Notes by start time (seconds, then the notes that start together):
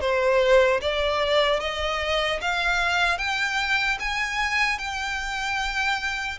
0.00 C5
0.81 D5
1.60 D#5
2.41 F5
3.18 G5
3.99 G#5
4.78 G5